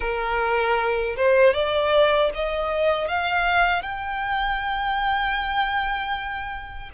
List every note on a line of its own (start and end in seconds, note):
0.00 1.15 A#4
1.16 1.53 C5
1.53 2.30 D5
2.34 3.08 D#5
3.08 3.82 F5
3.82 6.90 G5